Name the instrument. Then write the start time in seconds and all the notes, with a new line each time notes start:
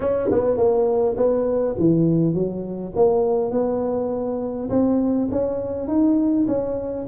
tuba
0.00 C#4
0.31 B3
0.57 A#3
1.16 B3
1.78 E3
2.33 F#3
2.95 A#3
3.51 B3
4.69 C4
5.31 C#4
5.87 D#4
6.47 C#4